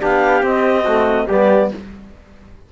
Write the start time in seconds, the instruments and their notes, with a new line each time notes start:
0.00 cello B3, trombone D4, trumpet G4, clarinet F5
0.42 trombone C4, cello C4, clarinet D#5
0.84 trombone A3, trumpet F#4
1.27 cello G3, trombone B3, trumpet G4, clarinet D5